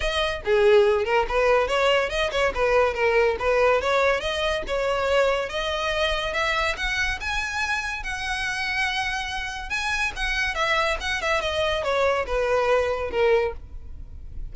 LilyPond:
\new Staff \with { instrumentName = "violin" } { \time 4/4 \tempo 4 = 142 dis''4 gis'4. ais'8 b'4 | cis''4 dis''8 cis''8 b'4 ais'4 | b'4 cis''4 dis''4 cis''4~ | cis''4 dis''2 e''4 |
fis''4 gis''2 fis''4~ | fis''2. gis''4 | fis''4 e''4 fis''8 e''8 dis''4 | cis''4 b'2 ais'4 | }